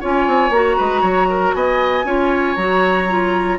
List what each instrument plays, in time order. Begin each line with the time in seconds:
0.00 bassoon C#4, clarinet F4, oboe C#5, flute G#5
0.27 bassoon C4
0.50 bassoon A#3, clarinet F#4, flute A#5
0.76 bassoon G#3, oboe B4
1.01 bassoon F#3, oboe C#5
1.29 oboe A#4
1.54 bassoon B3, oboe D#5, flute G#5
2.04 bassoon C#4, clarinet F4, oboe C#5
2.55 bassoon F#3, clarinet F#4, flute A#5
3.08 clarinet F4